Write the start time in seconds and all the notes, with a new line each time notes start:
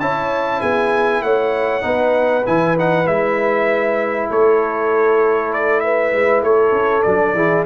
0.00 C#4 E4 C#5 A5
0.61 B3 G#4 G#5
1.22 A3 C#5 F#5
1.82 B3 D#4 B4
2.46 E3 E4 G#5
2.77 D#4 F#5
3.06 G#3 E4 E5
4.30 A3 A4 C#5
5.53 D5
5.80 B4 E5
6.13 G#3
6.42 A3 A4 C#5
6.72 C#4
7.03 F#3 D4 D5
7.34 E3 E4 G#4